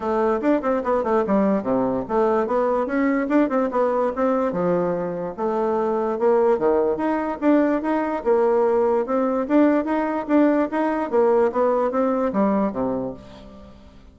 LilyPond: \new Staff \with { instrumentName = "bassoon" } { \time 4/4 \tempo 4 = 146 a4 d'8 c'8 b8 a8 g4 | c4 a4 b4 cis'4 | d'8 c'8 b4 c'4 f4~ | f4 a2 ais4 |
dis4 dis'4 d'4 dis'4 | ais2 c'4 d'4 | dis'4 d'4 dis'4 ais4 | b4 c'4 g4 c4 | }